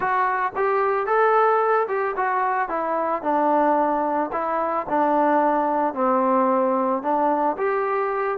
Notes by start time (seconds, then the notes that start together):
0.00 F#4
0.55 G4
1.06 A4
1.88 G4
2.16 F#4
2.69 E4
3.22 D4
4.32 E4
4.89 D4
5.94 C4
7.02 D4
7.57 G4